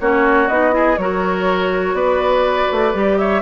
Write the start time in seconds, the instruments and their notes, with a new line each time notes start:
0.00 bassoon A#3, clarinet C#4, oboe F#4, flute C#5
0.48 bassoon B3, clarinet D#4, flute D#5
0.71 clarinet E4, oboe G#4
0.97 bassoon F#3, clarinet F#4, oboe A#4, flute C#5
1.93 bassoon B3, oboe B4, flute D5
2.72 bassoon A3
2.93 bassoon G3, clarinet G4
3.18 oboe C#5, flute E5